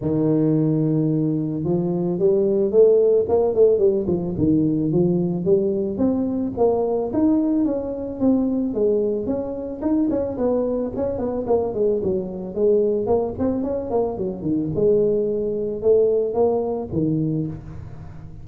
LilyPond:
\new Staff \with { instrumentName = "tuba" } { \time 4/4 \tempo 4 = 110 dis2. f4 | g4 a4 ais8 a8 g8 f8 | dis4 f4 g4 c'4 | ais4 dis'4 cis'4 c'4 |
gis4 cis'4 dis'8 cis'8 b4 | cis'8 b8 ais8 gis8 fis4 gis4 | ais8 c'8 cis'8 ais8 fis8 dis8 gis4~ | gis4 a4 ais4 dis4 | }